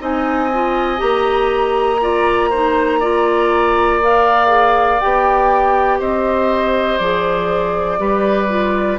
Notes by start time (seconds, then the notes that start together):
0.00 C4 D#4 D#5 G#5
0.54 F4
0.97 A#3 G4 A#5
2.02 F4 D5
2.50 D#4 C5
3.00 F4 D5
4.02 A#4 F5
4.47 G#4
5.00 B3 G4 G5
6.00 C4 C5 D#5
6.99 F3 G#4 D5
7.99 G3 G4 B4
8.49 F4